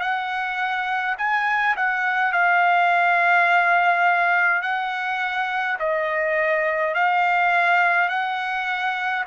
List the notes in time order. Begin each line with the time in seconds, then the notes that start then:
0.00 F#5
1.17 G#5
1.76 F#5
2.32 F5
4.62 F#5
5.78 D#5
6.94 F5
8.09 F#5